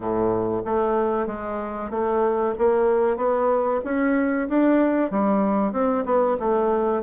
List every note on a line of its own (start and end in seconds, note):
0.00 0.62 A2
0.65 1.26 A3
1.26 1.90 G#3
1.90 2.54 A3
2.58 3.17 A#3
3.17 3.80 B3
3.84 4.48 C#4
4.48 5.11 D4
5.11 5.72 G3
5.72 6.04 C4
6.05 6.37 B3
6.39 7.02 A3